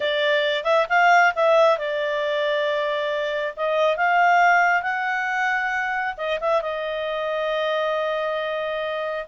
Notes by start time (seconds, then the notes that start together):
0.00 D5
0.64 E5
0.89 F5
1.35 E5
1.77 D5
3.56 D#5
3.97 F5
4.82 F#5
6.17 D#5
6.40 E5
6.61 D#5